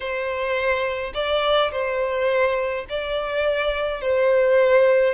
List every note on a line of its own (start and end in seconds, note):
0.00 1.12 C5
1.14 1.71 D5
1.71 2.85 C5
2.89 4.01 D5
4.01 5.14 C5